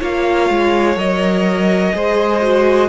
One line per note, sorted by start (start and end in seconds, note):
0.00 0.50 A#3
0.00 0.97 F4
0.00 1.94 C#5
0.00 0.98 F5
0.50 0.96 G#3
0.96 1.93 F#3
0.96 1.93 A#4
0.96 2.89 D#5
1.93 2.89 G#3
1.93 2.42 G#4
1.93 2.89 C5
2.43 2.89 F#4